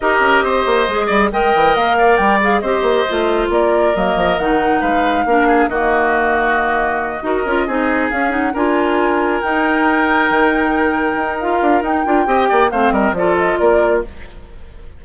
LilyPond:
<<
  \new Staff \with { instrumentName = "flute" } { \time 4/4 \tempo 4 = 137 dis''2. g''4 | f''4 g''8 f''8 dis''2 | d''4 dis''4 fis''4 f''4~ | f''4 dis''2.~ |
dis''2~ dis''8 f''8 fis''8 gis''8~ | gis''4. g''2~ g''8~ | g''2 f''4 g''4~ | g''4 f''8 dis''8 d''8 dis''8 d''4 | }
  \new Staff \with { instrumentName = "oboe" } { \time 4/4 ais'4 c''4. d''8 dis''4~ | dis''8 d''4. c''2 | ais'2. b'4 | ais'8 gis'8 fis'2.~ |
fis'8 ais'4 gis'2 ais'8~ | ais'1~ | ais'1 | dis''8 d''8 c''8 ais'8 a'4 ais'4 | }
  \new Staff \with { instrumentName = "clarinet" } { \time 4/4 g'2 gis'4 ais'4~ | ais'4. gis'8 g'4 f'4~ | f'4 ais4 dis'2 | d'4 ais2.~ |
ais8 fis'8 f'8 dis'4 cis'8 dis'8 f'8~ | f'4. dis'2~ dis'8~ | dis'2 f'4 dis'8 f'8 | g'4 c'4 f'2 | }
  \new Staff \with { instrumentName = "bassoon" } { \time 4/4 dis'8 cis'8 c'8 ais8 gis8 g8 gis8 e8 | ais4 g4 c'8 ais8 a4 | ais4 fis8 f8 dis4 gis4 | ais4 dis2.~ |
dis8 dis'8 cis'8 c'4 cis'4 d'8~ | d'4. dis'2 dis8~ | dis4. dis'4 d'8 dis'8 d'8 | c'8 ais8 a8 g8 f4 ais4 | }
>>